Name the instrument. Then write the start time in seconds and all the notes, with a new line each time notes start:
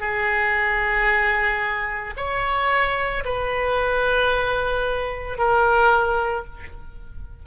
oboe
0.00 G#4
2.17 C#5
3.25 B4
5.38 A#4